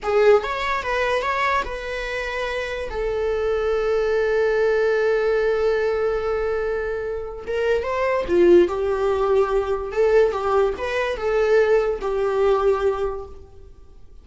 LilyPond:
\new Staff \with { instrumentName = "viola" } { \time 4/4 \tempo 4 = 145 gis'4 cis''4 b'4 cis''4 | b'2. a'4~ | a'1~ | a'1~ |
a'2 ais'4 c''4 | f'4 g'2. | a'4 g'4 b'4 a'4~ | a'4 g'2. | }